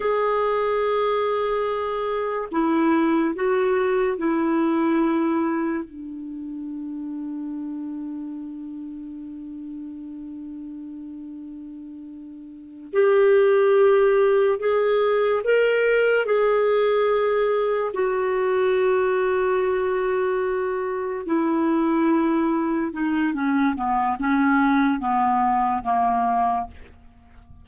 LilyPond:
\new Staff \with { instrumentName = "clarinet" } { \time 4/4 \tempo 4 = 72 gis'2. e'4 | fis'4 e'2 d'4~ | d'1~ | d'2.~ d'8 g'8~ |
g'4. gis'4 ais'4 gis'8~ | gis'4. fis'2~ fis'8~ | fis'4. e'2 dis'8 | cis'8 b8 cis'4 b4 ais4 | }